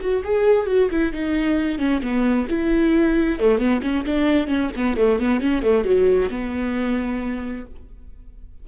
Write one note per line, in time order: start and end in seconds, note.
0.00 0.23 F#4
0.24 0.66 G#4
0.66 0.89 F#4
0.90 1.12 E4
1.12 1.78 D#4
1.78 2.01 C#4
2.02 2.47 B3
2.49 3.39 E4
3.39 3.58 A3
3.58 3.81 B3
3.82 4.04 C#4
4.05 4.47 D4
4.47 4.70 C#4
4.76 4.96 B3
4.96 5.19 A3
5.19 5.40 B3
5.40 5.62 C#4
5.62 5.84 A3
5.84 6.29 F#3
6.30 7.65 B3